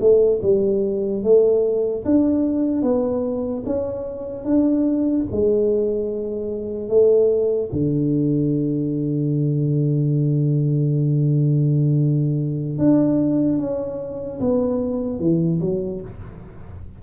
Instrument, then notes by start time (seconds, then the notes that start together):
tuba
0.00 A3
0.42 G3
1.23 A3
2.05 D4
2.82 B3
3.65 C#4
4.44 D4
5.31 G#3
6.88 A3
7.72 D3
12.78 D4
13.58 C#4
14.40 B3
15.19 E3
15.60 F#3